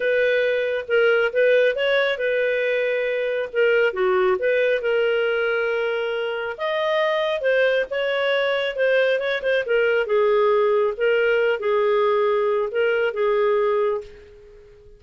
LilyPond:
\new Staff \with { instrumentName = "clarinet" } { \time 4/4 \tempo 4 = 137 b'2 ais'4 b'4 | cis''4 b'2. | ais'4 fis'4 b'4 ais'4~ | ais'2. dis''4~ |
dis''4 c''4 cis''2 | c''4 cis''8 c''8 ais'4 gis'4~ | gis'4 ais'4. gis'4.~ | gis'4 ais'4 gis'2 | }